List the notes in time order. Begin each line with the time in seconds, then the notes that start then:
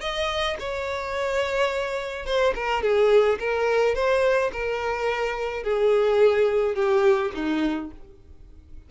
0.00 D#5
0.59 C#5
2.25 C5
2.54 A#4
2.82 G#4
3.39 A#4
3.94 C5
4.52 A#4
5.63 G#4
6.75 G4
7.34 D#4